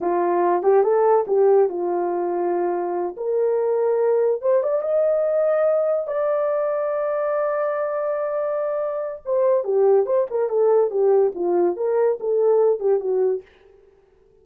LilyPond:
\new Staff \with { instrumentName = "horn" } { \time 4/4 \tempo 4 = 143 f'4. g'8 a'4 g'4 | f'2.~ f'8 ais'8~ | ais'2~ ais'8 c''8 d''8 dis''8~ | dis''2~ dis''8 d''4.~ |
d''1~ | d''2 c''4 g'4 | c''8 ais'8 a'4 g'4 f'4 | ais'4 a'4. g'8 fis'4 | }